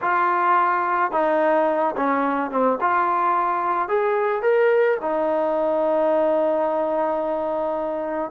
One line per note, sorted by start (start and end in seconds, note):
0.01 1.11 F4
1.11 1.95 D#4
1.96 2.50 C#4
2.50 2.78 C4
2.80 3.88 F4
3.88 4.42 G#4
4.42 4.97 A#4
5.01 8.31 D#4